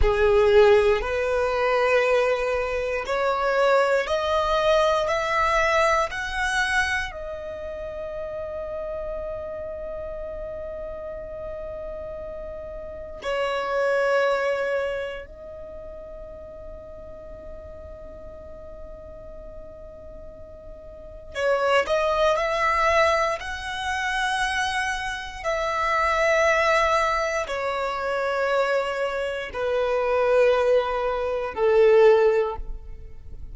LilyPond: \new Staff \with { instrumentName = "violin" } { \time 4/4 \tempo 4 = 59 gis'4 b'2 cis''4 | dis''4 e''4 fis''4 dis''4~ | dis''1~ | dis''4 cis''2 dis''4~ |
dis''1~ | dis''4 cis''8 dis''8 e''4 fis''4~ | fis''4 e''2 cis''4~ | cis''4 b'2 a'4 | }